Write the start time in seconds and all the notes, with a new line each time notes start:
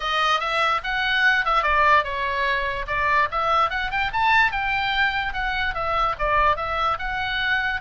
0.00 D#5
0.40 E5
0.83 F#5
1.45 E5
1.62 D5
2.03 C#5
2.87 D5
3.31 E5
3.70 F#5
3.90 G5
4.12 A5
4.51 G5
5.33 F#5
5.74 E5
6.18 D5
6.56 E5
6.98 F#5